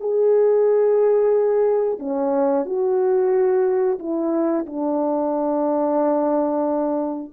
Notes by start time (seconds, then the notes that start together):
0.00 G#4
1.99 C#4
2.65 F#4
3.99 E4
4.66 D4